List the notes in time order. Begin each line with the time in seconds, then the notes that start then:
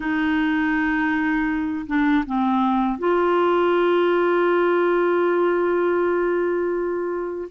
0.00 D#4
1.86 D4
2.26 C4
2.98 F4